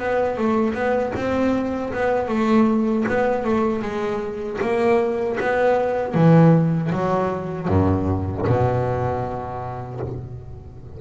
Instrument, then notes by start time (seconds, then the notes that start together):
double bass
0.00 B3
0.38 A3
0.74 B3
1.16 C4
1.93 B3
2.29 A3
3.09 B3
3.45 A3
3.83 G#3
4.62 A#3
5.40 B3
6.15 E3
6.92 F#3
7.69 F#2
8.47 B2